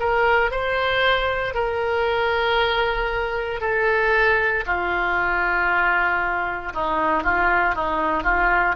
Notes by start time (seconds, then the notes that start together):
0.00 A#4
0.51 C5
1.54 A#4
3.61 A4
4.66 F4
6.73 D#4
7.24 F4
7.75 D#4
8.24 F4